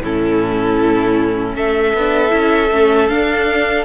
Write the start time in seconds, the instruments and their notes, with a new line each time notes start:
0.00 cello A2, viola C#4, violin E4 A4
1.55 cello A3, violin A4 E5
1.94 cello B3, viola D4
2.29 cello C#4, viola E4
2.72 cello A3, viola C#4
3.08 viola D4, cello D4, violin F5